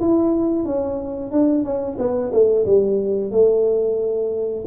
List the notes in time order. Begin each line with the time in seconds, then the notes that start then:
0.00 E4
0.65 C#4
1.32 D4
1.64 C#4
1.98 B3
2.32 A3
2.66 G3
3.31 A3